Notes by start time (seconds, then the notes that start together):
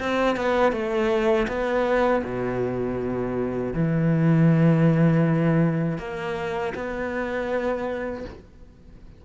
0.00 C4
0.36 B3
0.72 A3
1.48 B3
2.24 B2
3.74 E3
5.99 A#3
6.75 B3